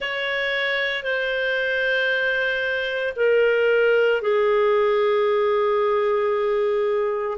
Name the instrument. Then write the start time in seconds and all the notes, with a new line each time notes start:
clarinet
0.00 C#5
1.03 C5
3.16 A#4
4.21 G#4